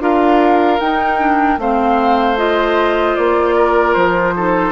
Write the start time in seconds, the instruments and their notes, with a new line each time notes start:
0.00 bassoon D4, clarinet F4, oboe A#4, flute F5
0.80 bassoon D#4, clarinet D#4, flute G5
1.19 clarinet D4
1.58 bassoon A3, clarinet C4, oboe C5, flute F5
2.38 clarinet F4, flute D#5
3.15 bassoon A#3, flute D5
3.55 oboe A#4
3.94 bassoon F3, flute C5
4.36 clarinet D#4, oboe A4